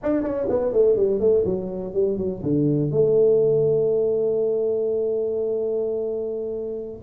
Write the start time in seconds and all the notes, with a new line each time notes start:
0.02 D4
0.23 C#4
0.49 B3
0.73 A3
0.96 G3
1.20 A3
1.45 F#3
1.93 G3
2.17 F#3
2.43 D3
2.91 A3